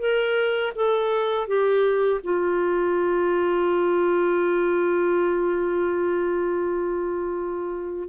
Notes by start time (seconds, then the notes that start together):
0.00 A#4
0.76 A4
1.48 G4
2.24 F4